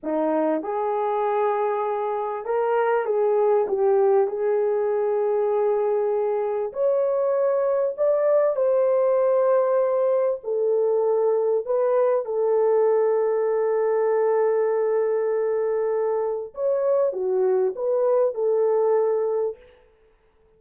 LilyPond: \new Staff \with { instrumentName = "horn" } { \time 4/4 \tempo 4 = 98 dis'4 gis'2. | ais'4 gis'4 g'4 gis'4~ | gis'2. cis''4~ | cis''4 d''4 c''2~ |
c''4 a'2 b'4 | a'1~ | a'2. cis''4 | fis'4 b'4 a'2 | }